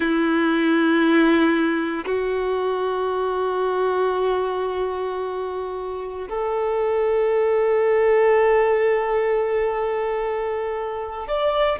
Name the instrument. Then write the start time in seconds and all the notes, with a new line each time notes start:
violin
0.00 E4
2.05 F#4
6.28 A4
11.27 D5